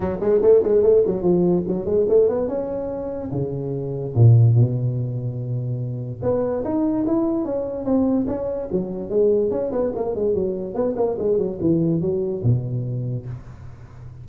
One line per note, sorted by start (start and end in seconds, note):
0.00 0.19 F#3
0.20 0.41 G#3
0.42 0.62 A3
0.63 0.82 G#3
0.82 1.03 A3
1.06 1.22 F#3
1.22 1.63 F3
1.67 1.85 F#3
1.85 2.06 G#3
2.08 2.28 A3
2.28 2.48 B3
2.48 3.30 C#4
3.31 4.14 C#3
4.14 4.55 A#2
4.55 6.21 B2
6.22 6.63 B3
6.64 7.05 D#4
7.06 7.44 E4
7.44 7.84 C#4
7.84 8.26 C4
8.27 8.68 C#4
8.71 9.09 F#3
9.09 9.50 G#3
9.50 9.71 C#4
9.71 9.92 B3
9.95 10.15 A#3
10.15 10.34 G#3
10.34 10.74 F#3
10.74 10.95 B3
10.96 11.17 A#3
11.18 11.38 G#3
11.38 11.58 F#3
11.61 12.01 E3
12.01 12.42 F#3
12.43 13.26 B2